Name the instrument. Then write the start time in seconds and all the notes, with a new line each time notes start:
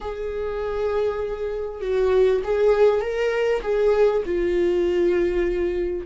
viola
0.00 G#4
1.81 F#4
2.44 G#4
3.01 A#4
3.62 G#4
4.25 F4